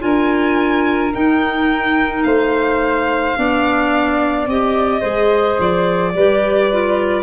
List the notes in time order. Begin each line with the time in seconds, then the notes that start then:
0.00 D4 F4 A#4 G#5
1.14 D#4 G5
2.23 A3 C5 F5
3.36 B3 D4 D5
4.47 C4 G4 D#5
5.00 G#3 G#4 C5
5.59 F3 D5
6.14 G3 G4 B4
6.72 F4